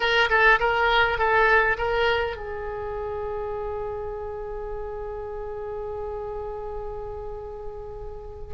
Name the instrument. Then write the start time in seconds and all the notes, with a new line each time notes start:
oboe
0.00 A#4
0.29 A4
0.59 A#4
1.18 A4
1.77 A#4
2.36 G#4